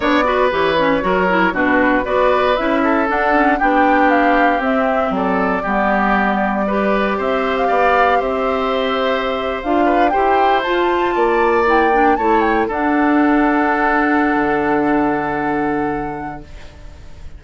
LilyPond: <<
  \new Staff \with { instrumentName = "flute" } { \time 4/4 \tempo 4 = 117 d''4 cis''2 b'4 | d''4 e''4 fis''4 g''4 | f''4 e''4 d''2~ | d''2 e''8. f''4~ f''16 |
e''2~ e''8. f''4 g''16~ | g''8. a''2 g''4 a''16~ | a''16 g''8 fis''2.~ fis''16~ | fis''1 | }
  \new Staff \with { instrumentName = "oboe" } { \time 4/4 cis''8 b'4. ais'4 fis'4 | b'4. a'4. g'4~ | g'2 a'4 g'4~ | g'4 b'4 c''4 d''4 |
c''2.~ c''16 b'8 c''16~ | c''4.~ c''16 d''2 cis''16~ | cis''8. a'2.~ a'16~ | a'1 | }
  \new Staff \with { instrumentName = "clarinet" } { \time 4/4 d'8 fis'8 g'8 cis'8 fis'8 e'8 d'4 | fis'4 e'4 d'8 cis'8 d'4~ | d'4 c'2 b4~ | b4 g'2.~ |
g'2~ g'8. f'4 g'16~ | g'8. f'2 e'8 d'8 e'16~ | e'8. d'2.~ d'16~ | d'1 | }
  \new Staff \with { instrumentName = "bassoon" } { \time 4/4 b4 e4 fis4 b,4 | b4 cis'4 d'4 b4~ | b4 c'4 fis4 g4~ | g2 c'4 b4 |
c'2~ c'8. d'4 e'16~ | e'8. f'4 ais2 a16~ | a8. d'2.~ d'16 | d1 | }
>>